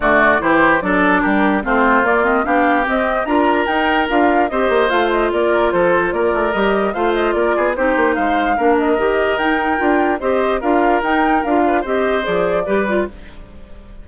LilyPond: <<
  \new Staff \with { instrumentName = "flute" } { \time 4/4 \tempo 4 = 147 d''4 c''4 d''4 ais'4 | c''4 d''8 dis''8 f''4 dis''4 | ais''4 g''4 f''4 dis''4 | f''8 dis''8 d''4 c''4 d''4 |
dis''4 f''8 dis''8 d''4 c''4 | f''4. dis''4. g''4~ | g''4 dis''4 f''4 g''4 | f''4 dis''4 d''2 | }
  \new Staff \with { instrumentName = "oboe" } { \time 4/4 fis'4 g'4 a'4 g'4 | f'2 g'2 | ais'2. c''4~ | c''4 ais'4 a'4 ais'4~ |
ais'4 c''4 ais'8 gis'8 g'4 | c''4 ais'2.~ | ais'4 c''4 ais'2~ | ais'8 b'8 c''2 b'4 | }
  \new Staff \with { instrumentName = "clarinet" } { \time 4/4 a4 e'4 d'2 | c'4 ais8 c'8 d'4 c'4 | f'4 dis'4 f'4 g'4 | f'1 |
g'4 f'2 dis'4~ | dis'4 d'4 g'4 dis'4 | f'4 g'4 f'4 dis'4 | f'4 g'4 gis'4 g'8 f'8 | }
  \new Staff \with { instrumentName = "bassoon" } { \time 4/4 d4 e4 fis4 g4 | a4 ais4 b4 c'4 | d'4 dis'4 d'4 c'8 ais8 | a4 ais4 f4 ais8 a8 |
g4 a4 ais8 b8 c'8 ais8 | gis4 ais4 dis4 dis'4 | d'4 c'4 d'4 dis'4 | d'4 c'4 f4 g4 | }
>>